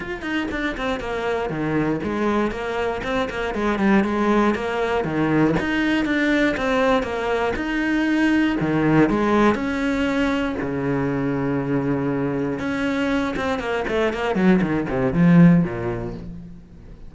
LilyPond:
\new Staff \with { instrumentName = "cello" } { \time 4/4 \tempo 4 = 119 f'8 dis'8 d'8 c'8 ais4 dis4 | gis4 ais4 c'8 ais8 gis8 g8 | gis4 ais4 dis4 dis'4 | d'4 c'4 ais4 dis'4~ |
dis'4 dis4 gis4 cis'4~ | cis'4 cis2.~ | cis4 cis'4. c'8 ais8 a8 | ais8 fis8 dis8 c8 f4 ais,4 | }